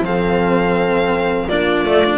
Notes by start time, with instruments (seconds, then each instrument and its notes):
0.00 double bass F3, cello C4, horn A4, violin F5
1.48 double bass A#3, cello D4, horn F4, violin D5
1.84 double bass A3, cello A3
2.05 cello D4